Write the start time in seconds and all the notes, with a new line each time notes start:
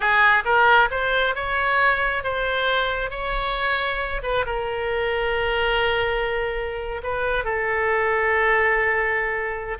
0.00 G#4
0.44 A#4
0.90 C5
1.35 C#5
2.23 C5
3.10 C#5
4.23 B4
4.46 A#4
7.03 B4
7.44 A4